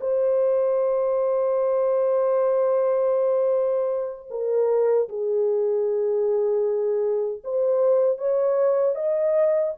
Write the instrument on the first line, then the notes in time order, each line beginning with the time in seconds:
horn
0.00 C5
4.30 A#4
5.08 G#4
7.44 C5
8.18 C#5
8.95 D#5